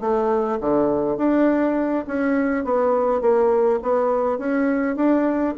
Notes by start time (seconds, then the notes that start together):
0.00 A3
0.60 D3
1.17 D4
2.07 C#4
2.64 B3
3.21 A#3
3.82 B3
4.38 C#4
4.96 D4